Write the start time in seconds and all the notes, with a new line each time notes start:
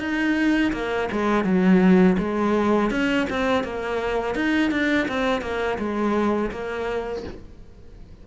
0.00 D#4
0.73 A#3
1.12 G#3
1.45 F#3
2.19 G#3
2.91 C#4
3.30 C4
3.64 A#3
4.35 D#4
4.72 D4
5.08 C4
5.42 A#3
5.79 G#3
6.51 A#3